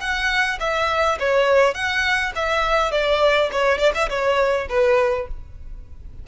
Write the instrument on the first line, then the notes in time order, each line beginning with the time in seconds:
violin
0.00 F#5
0.60 E5
1.19 C#5
1.74 F#5
2.35 E5
2.91 D5
3.51 C#5
3.78 D5
3.94 E5
4.09 C#5
4.69 B4